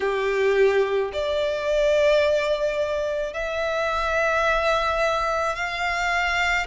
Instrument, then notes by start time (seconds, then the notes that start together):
violin
0.00 G4
1.12 D5
3.33 E5
5.55 F5